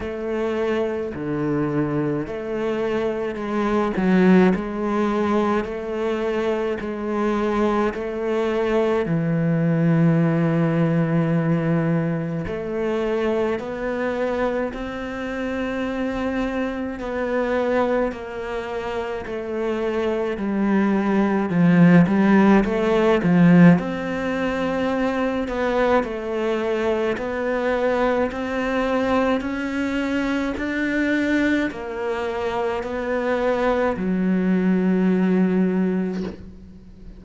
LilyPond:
\new Staff \with { instrumentName = "cello" } { \time 4/4 \tempo 4 = 53 a4 d4 a4 gis8 fis8 | gis4 a4 gis4 a4 | e2. a4 | b4 c'2 b4 |
ais4 a4 g4 f8 g8 | a8 f8 c'4. b8 a4 | b4 c'4 cis'4 d'4 | ais4 b4 fis2 | }